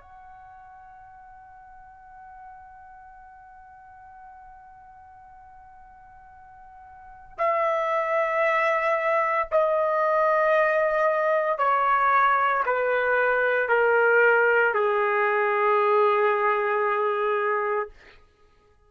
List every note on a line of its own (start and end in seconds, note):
0.00 7.37 F#5
7.38 9.48 E5
9.51 11.57 D#5
11.57 12.63 C#5
12.66 13.68 B4
13.68 14.73 A#4
14.73 17.89 G#4